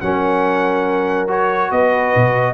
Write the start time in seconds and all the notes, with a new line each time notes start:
0.00 F#3 C#4 A#4 F#5
1.27 F#4 C#5
1.71 B3 B4 D#5
2.15 B2